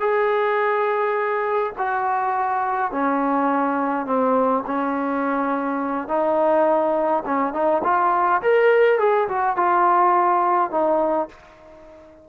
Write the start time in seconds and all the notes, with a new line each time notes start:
0.00 G#4
1.78 F#4
2.92 C#4
4.06 C4
4.67 C#4
6.08 D#4
7.26 C#4
7.53 D#4
7.84 F4
8.42 A#4
8.99 G#4
9.29 F#4
9.57 F4
10.71 D#4